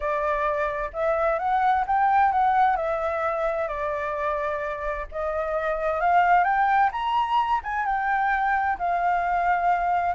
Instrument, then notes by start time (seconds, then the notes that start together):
flute
0.00 D5
0.93 E5
1.38 F#5
1.87 G5
2.31 F#5
2.76 E5
3.67 D5
5.11 D#5
6.00 F5
6.43 G5
6.91 A#5
7.63 G#5
7.85 G5
8.78 F5